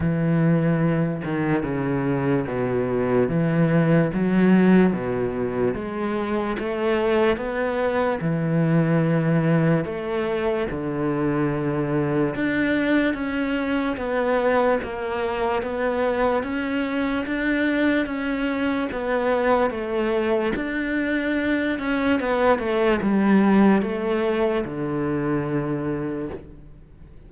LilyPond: \new Staff \with { instrumentName = "cello" } { \time 4/4 \tempo 4 = 73 e4. dis8 cis4 b,4 | e4 fis4 b,4 gis4 | a4 b4 e2 | a4 d2 d'4 |
cis'4 b4 ais4 b4 | cis'4 d'4 cis'4 b4 | a4 d'4. cis'8 b8 a8 | g4 a4 d2 | }